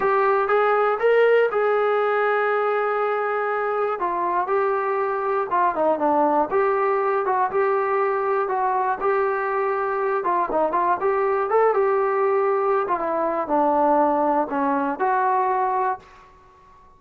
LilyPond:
\new Staff \with { instrumentName = "trombone" } { \time 4/4 \tempo 4 = 120 g'4 gis'4 ais'4 gis'4~ | gis'1 | f'4 g'2 f'8 dis'8 | d'4 g'4. fis'8 g'4~ |
g'4 fis'4 g'2~ | g'8 f'8 dis'8 f'8 g'4 a'8 g'8~ | g'4.~ g'16 f'16 e'4 d'4~ | d'4 cis'4 fis'2 | }